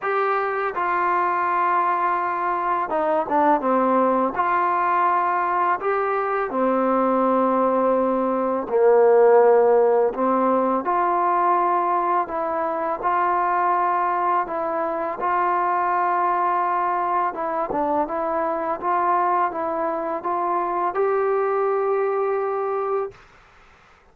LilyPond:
\new Staff \with { instrumentName = "trombone" } { \time 4/4 \tempo 4 = 83 g'4 f'2. | dis'8 d'8 c'4 f'2 | g'4 c'2. | ais2 c'4 f'4~ |
f'4 e'4 f'2 | e'4 f'2. | e'8 d'8 e'4 f'4 e'4 | f'4 g'2. | }